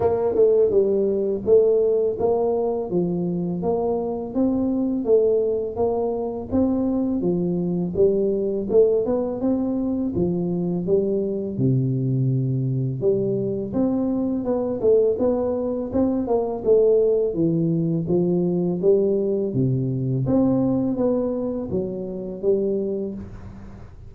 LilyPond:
\new Staff \with { instrumentName = "tuba" } { \time 4/4 \tempo 4 = 83 ais8 a8 g4 a4 ais4 | f4 ais4 c'4 a4 | ais4 c'4 f4 g4 | a8 b8 c'4 f4 g4 |
c2 g4 c'4 | b8 a8 b4 c'8 ais8 a4 | e4 f4 g4 c4 | c'4 b4 fis4 g4 | }